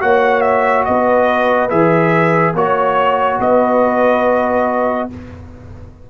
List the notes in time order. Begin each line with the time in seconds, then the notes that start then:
0.00 A#3 F#4 C#5 F#5
0.41 E5
0.85 B3 B4 D#5
1.70 E3 G#4 E5
2.54 A#3 F#4 C#5
3.40 B3 B4 D#5